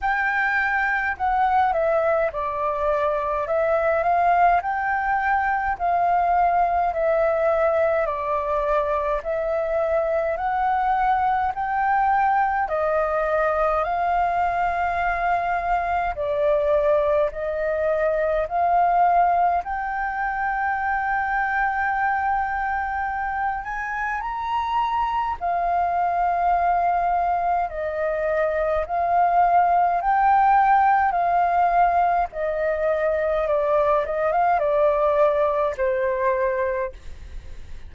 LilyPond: \new Staff \with { instrumentName = "flute" } { \time 4/4 \tempo 4 = 52 g''4 fis''8 e''8 d''4 e''8 f''8 | g''4 f''4 e''4 d''4 | e''4 fis''4 g''4 dis''4 | f''2 d''4 dis''4 |
f''4 g''2.~ | g''8 gis''8 ais''4 f''2 | dis''4 f''4 g''4 f''4 | dis''4 d''8 dis''16 f''16 d''4 c''4 | }